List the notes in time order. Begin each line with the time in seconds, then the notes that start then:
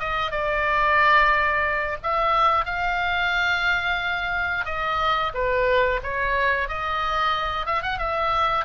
0.00 D#5
0.32 D5
2.03 E5
2.65 F5
4.65 D#5
5.34 B4
6.04 C#5
6.69 D#5
7.66 E5
7.83 F#5
7.99 E5